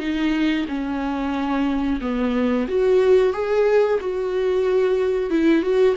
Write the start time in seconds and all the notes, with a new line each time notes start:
0.00 D#4
0.68 C#4
2.01 B3
2.69 F#4
3.34 G#4
4.00 F#4
5.30 E4
5.63 F#4